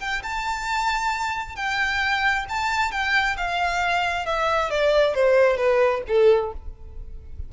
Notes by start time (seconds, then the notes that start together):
0.00 G5
0.23 A5
1.56 G5
2.49 A5
2.92 G5
3.37 F5
4.26 E5
4.70 D5
5.15 C5
5.57 B4
6.08 A4